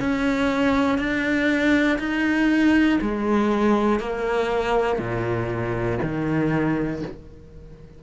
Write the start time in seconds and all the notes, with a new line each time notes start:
0.00 C#4
0.98 D4
1.99 D#4
3.01 G#3
4.00 A#3
4.99 A#2
6.03 D#3